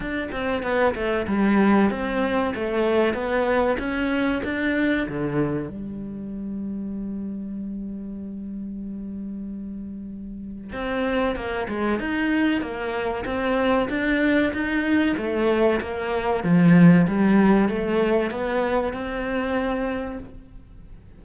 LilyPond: \new Staff \with { instrumentName = "cello" } { \time 4/4 \tempo 4 = 95 d'8 c'8 b8 a8 g4 c'4 | a4 b4 cis'4 d'4 | d4 g2.~ | g1~ |
g4 c'4 ais8 gis8 dis'4 | ais4 c'4 d'4 dis'4 | a4 ais4 f4 g4 | a4 b4 c'2 | }